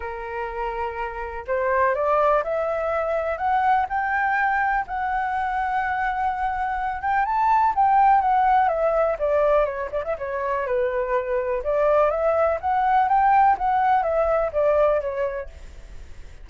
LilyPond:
\new Staff \with { instrumentName = "flute" } { \time 4/4 \tempo 4 = 124 ais'2. c''4 | d''4 e''2 fis''4 | g''2 fis''2~ | fis''2~ fis''8 g''8 a''4 |
g''4 fis''4 e''4 d''4 | cis''8 d''16 e''16 cis''4 b'2 | d''4 e''4 fis''4 g''4 | fis''4 e''4 d''4 cis''4 | }